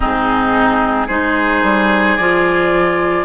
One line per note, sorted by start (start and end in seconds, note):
0.00 1.09 G#2
0.00 1.09 C4
0.00 1.07 D#4
0.00 1.08 G#4
1.07 1.62 G#3
1.07 2.18 D#4
1.07 3.24 G#4
1.07 2.16 C5
1.62 2.17 G3
2.16 3.24 F3
2.16 3.24 F4
2.16 3.24 D5